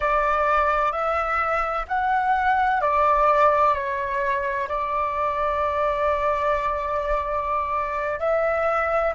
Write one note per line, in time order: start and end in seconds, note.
0.00 0.92 D5
0.92 1.85 E5
1.87 2.81 F#5
2.81 3.74 D5
3.74 4.68 C#5
4.68 8.19 D5
8.19 9.13 E5